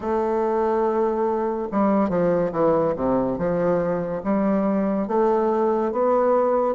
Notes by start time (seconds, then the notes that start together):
0.00 A3
1.71 G3
2.09 F3
2.51 E3
2.95 C3
3.38 F3
4.23 G3
5.07 A3
5.92 B3